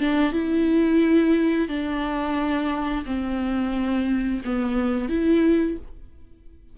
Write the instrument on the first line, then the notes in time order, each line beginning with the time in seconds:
viola
0.00 D4
0.33 E4
1.68 D4
3.06 C4
4.45 B3
5.09 E4